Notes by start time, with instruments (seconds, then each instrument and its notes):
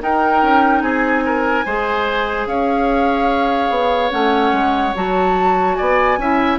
0.00 clarinet D#4, bassoon D#4, oboe A#4, flute G5
0.43 bassoon C#4
0.82 bassoon C4, oboe G#4, flute G#5
1.26 oboe A#4
1.66 bassoon G#3, clarinet G#4, oboe C5
2.47 bassoon C#4, oboe C#5, flute F5
3.70 bassoon B3
4.11 bassoon A3, clarinet C#4, flute F#5
4.52 bassoon G#3
4.95 bassoon F#3, clarinet F#4, flute A5
5.75 bassoon B3, oboe D5, flute G#5
6.18 bassoon C#4, clarinet E4, oboe E5